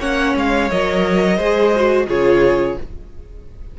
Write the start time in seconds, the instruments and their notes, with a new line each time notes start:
0.00 cello A#3, viola C#4, violin C#5 F#5
0.36 cello G#3, violin F5
0.71 cello F#3, viola A#4, violin D#5
1.37 cello G#3, viola G#4, violin C5
1.76 viola F#4
2.08 cello C#3, viola F4, violin G#4 C#5